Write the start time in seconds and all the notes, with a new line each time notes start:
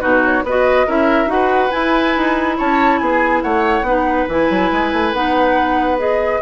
0.00 B2 D#4 F#4 B4
0.24 C#5
0.43 B3 F#4 B4 D#5
0.86 C#4 E4 A#4 E5
1.26 D#4 F#4 F#5
1.33 B4
1.71 E4 G#5
2.16 D#4
2.57 C#4 C#5 A5
2.98 B3 G#4 G#5
3.42 A3 C#5 F#5
3.82 B3 D#4 B4
4.28 E3 E4 G#5
4.50 F#3
4.72 G#3
4.93 A3
5.13 B3 D#4 F#5
5.98 G#4 D#5